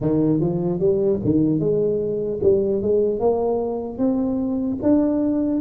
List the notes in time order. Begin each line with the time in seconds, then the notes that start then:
0.00 D#3
0.40 F3
0.79 G3
1.24 D#3
1.59 G#3
2.43 G3
2.82 G#3
3.19 A#3
3.98 C4
4.82 D4